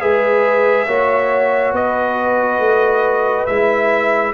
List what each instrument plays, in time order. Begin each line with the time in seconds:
0.00 tuba G#3, trombone G#4, horn B4, trumpet E5
0.87 tuba A#3, trombone F#4, horn C#5
1.73 tuba B3, horn B4, trumpet D#5
2.59 tuba A3
3.46 tuba G#3, trombone E4, trumpet E5